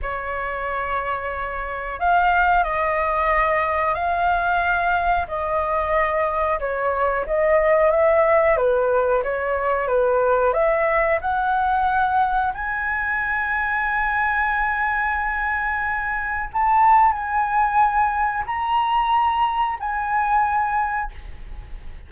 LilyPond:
\new Staff \with { instrumentName = "flute" } { \time 4/4 \tempo 4 = 91 cis''2. f''4 | dis''2 f''2 | dis''2 cis''4 dis''4 | e''4 b'4 cis''4 b'4 |
e''4 fis''2 gis''4~ | gis''1~ | gis''4 a''4 gis''2 | ais''2 gis''2 | }